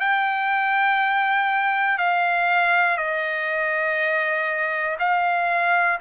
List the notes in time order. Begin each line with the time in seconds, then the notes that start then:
0.00 G5
1.98 F5
2.97 D#5
4.99 F5